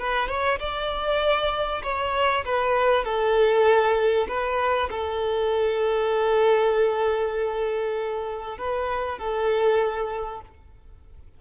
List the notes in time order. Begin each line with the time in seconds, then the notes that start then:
0.00 B4
0.29 C#5
0.60 D5
1.84 C#5
2.45 B4
3.05 A4
4.29 B4
4.91 A4
8.58 B4
9.19 A4